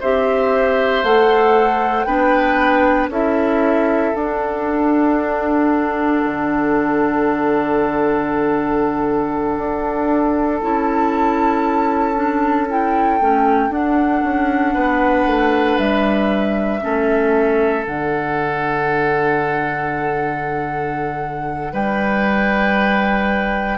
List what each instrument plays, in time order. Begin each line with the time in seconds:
0.00 bassoon C4, clarinet G4, oboe C5, flute E5
1.03 bassoon A3, clarinet A4, flute F#5
2.04 bassoon B3, clarinet D4, oboe B4, flute G5
3.09 bassoon C#4, clarinet E4, oboe A4, flute E5
4.15 clarinet D4, bassoon D4, flute F#5
6.25 bassoon D3
9.58 bassoon D4
10.62 bassoon C#4, clarinet E4, flute A5
12.15 clarinet D4
12.68 clarinet E4, flute G5
13.20 bassoon A3, clarinet C#4
13.70 bassoon D4, clarinet D4, flute F#5
14.23 bassoon C#4
14.73 bassoon B3, oboe B4
15.26 bassoon A3
15.78 bassoon G3, flute E5
16.81 bassoon A3, clarinet C#4, oboe A4
17.84 bassoon D3, clarinet D4, flute F#5
21.73 bassoon G3, oboe B4, flute G5